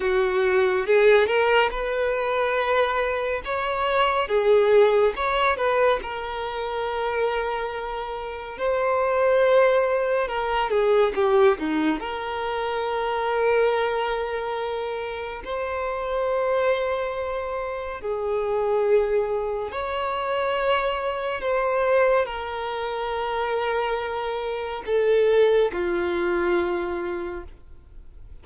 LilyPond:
\new Staff \with { instrumentName = "violin" } { \time 4/4 \tempo 4 = 70 fis'4 gis'8 ais'8 b'2 | cis''4 gis'4 cis''8 b'8 ais'4~ | ais'2 c''2 | ais'8 gis'8 g'8 dis'8 ais'2~ |
ais'2 c''2~ | c''4 gis'2 cis''4~ | cis''4 c''4 ais'2~ | ais'4 a'4 f'2 | }